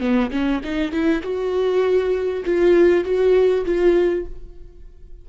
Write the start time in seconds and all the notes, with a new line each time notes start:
0.00 B3
0.31 C#4
0.64 D#4
0.92 E4
1.23 F#4
2.45 F4
3.04 F#4
3.65 F4